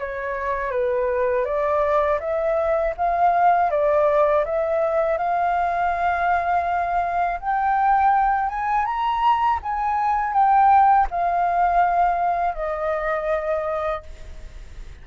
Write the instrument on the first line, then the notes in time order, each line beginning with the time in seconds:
flute
0.00 C#5
0.71 B4
1.45 D5
2.20 E5
2.97 F5
3.71 D5
4.45 E5
5.18 F5
7.41 G5
8.49 G#5
8.86 A#5
9.63 G#5
10.33 G5
11.11 F5
12.55 D#5